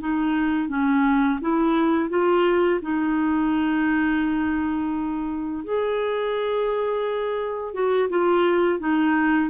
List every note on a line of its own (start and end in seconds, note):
0.00 0.69 D#4
0.69 1.39 C#4
1.41 2.10 E4
2.10 2.80 F4
2.82 5.64 D#4
5.64 7.74 G#4
7.74 8.09 F#4
8.10 8.79 F4
8.79 9.50 D#4